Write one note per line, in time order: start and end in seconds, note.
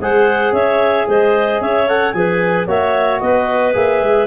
0.00 0.52 G#3
0.00 1.88 G#4
0.00 0.53 C5
0.00 0.54 F#5
0.52 1.06 C#4
0.52 1.06 C#5
0.52 1.07 E5
1.07 1.61 G#3
1.07 1.61 C5
1.07 1.62 D#5
1.61 2.14 C#4
1.61 2.15 C#5
1.61 1.88 E5
1.88 2.15 A4
1.88 2.12 F#5
2.12 2.67 F3
2.12 2.68 G#4
2.12 2.67 B4
2.12 2.66 G#5
2.67 3.21 A#3
2.67 3.73 F#4
2.67 3.21 C#5
2.67 3.20 E5
3.20 3.75 B3
3.20 4.27 B4
3.20 3.73 D#5
3.73 4.01 A#3
3.73 4.27 G#4
3.73 4.27 E5
4.01 4.27 G#3